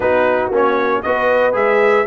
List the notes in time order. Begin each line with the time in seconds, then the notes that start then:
0.00 B3 D#4 F#4 B4
0.50 A#3 C#4 C#5
1.02 B3 F#4 B4 D#5
1.52 G#3 G#4 E5